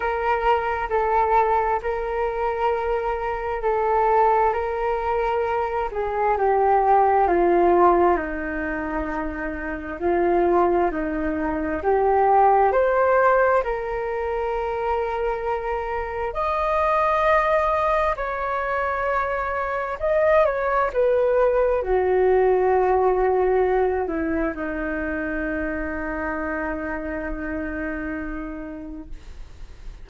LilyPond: \new Staff \with { instrumentName = "flute" } { \time 4/4 \tempo 4 = 66 ais'4 a'4 ais'2 | a'4 ais'4. gis'8 g'4 | f'4 dis'2 f'4 | dis'4 g'4 c''4 ais'4~ |
ais'2 dis''2 | cis''2 dis''8 cis''8 b'4 | fis'2~ fis'8 e'8 dis'4~ | dis'1 | }